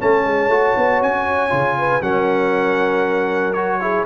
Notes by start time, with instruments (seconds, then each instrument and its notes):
0.00 tuba A3, trombone C#4, horn C#5, trumpet A5
0.25 tuba G#3
0.48 tuba A3, trombone F#4
0.77 tuba B3
1.03 tuba C#4, trumpet G#5
1.50 tuba C#3, trombone F4
1.78 horn B4
2.02 tuba F#3, trombone C#4, horn A#4, trumpet F#5
3.54 trombone F#4, trumpet C#5
3.81 trombone E4, horn G#4